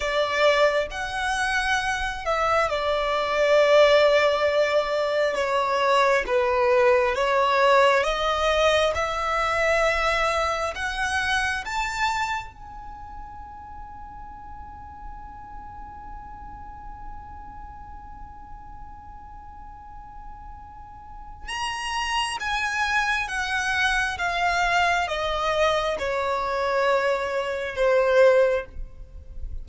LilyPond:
\new Staff \with { instrumentName = "violin" } { \time 4/4 \tempo 4 = 67 d''4 fis''4. e''8 d''4~ | d''2 cis''4 b'4 | cis''4 dis''4 e''2 | fis''4 a''4 gis''2~ |
gis''1~ | gis''1 | ais''4 gis''4 fis''4 f''4 | dis''4 cis''2 c''4 | }